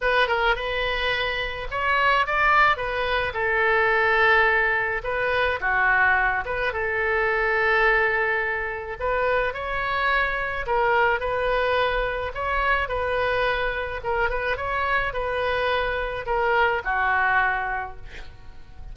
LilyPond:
\new Staff \with { instrumentName = "oboe" } { \time 4/4 \tempo 4 = 107 b'8 ais'8 b'2 cis''4 | d''4 b'4 a'2~ | a'4 b'4 fis'4. b'8 | a'1 |
b'4 cis''2 ais'4 | b'2 cis''4 b'4~ | b'4 ais'8 b'8 cis''4 b'4~ | b'4 ais'4 fis'2 | }